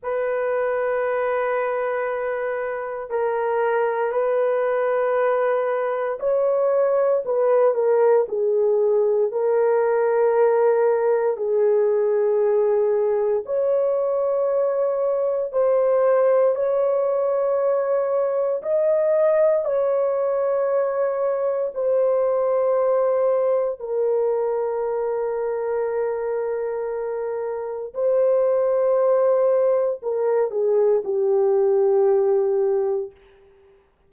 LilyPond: \new Staff \with { instrumentName = "horn" } { \time 4/4 \tempo 4 = 58 b'2. ais'4 | b'2 cis''4 b'8 ais'8 | gis'4 ais'2 gis'4~ | gis'4 cis''2 c''4 |
cis''2 dis''4 cis''4~ | cis''4 c''2 ais'4~ | ais'2. c''4~ | c''4 ais'8 gis'8 g'2 | }